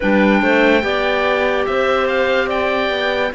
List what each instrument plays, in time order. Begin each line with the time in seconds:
0.00 cello G3, clarinet D4 B4, oboe G5
0.42 cello A3, clarinet C5
0.81 cello B3, clarinet G4 D5
1.65 cello C4, clarinet C5, oboe E5
2.07 oboe F5
2.47 clarinet D5, oboe G5
2.89 cello B3